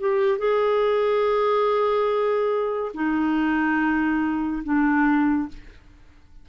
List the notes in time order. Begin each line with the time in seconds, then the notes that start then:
0.00 G4
0.38 G#4
2.94 D#4
4.64 D4